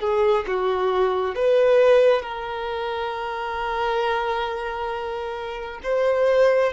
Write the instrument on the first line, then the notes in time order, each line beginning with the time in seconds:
violin
0.00 G#4
0.47 F#4
1.35 B4
2.22 A#4
5.83 C5